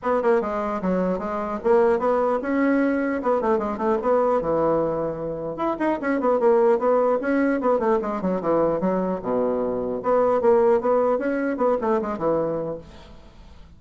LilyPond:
\new Staff \with { instrumentName = "bassoon" } { \time 4/4 \tempo 4 = 150 b8 ais8 gis4 fis4 gis4 | ais4 b4 cis'2 | b8 a8 gis8 a8 b4 e4~ | e2 e'8 dis'8 cis'8 b8 |
ais4 b4 cis'4 b8 a8 | gis8 fis8 e4 fis4 b,4~ | b,4 b4 ais4 b4 | cis'4 b8 a8 gis8 e4. | }